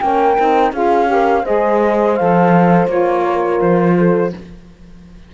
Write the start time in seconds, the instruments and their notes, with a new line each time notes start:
0.00 cello A#3, saxophone C#4, horn A#4, flute G5
0.38 cello C4, saxophone D#4
0.72 cello C#4, saxophone F4, horn G#4, flute F5
1.06 saxophone G4
1.12 horn A#4
1.44 cello G#3, saxophone G#4, horn C5, flute D#5
2.16 cello F3, saxophone A4, flute F5
2.87 cello A#3, saxophone F4, flute C#5
3.24 horn A#4
3.61 cello F3, flute C5
3.98 horn A4